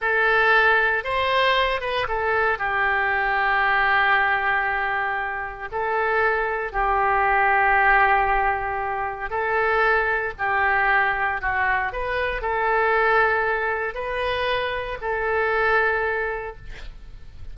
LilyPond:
\new Staff \with { instrumentName = "oboe" } { \time 4/4 \tempo 4 = 116 a'2 c''4. b'8 | a'4 g'2.~ | g'2. a'4~ | a'4 g'2.~ |
g'2 a'2 | g'2 fis'4 b'4 | a'2. b'4~ | b'4 a'2. | }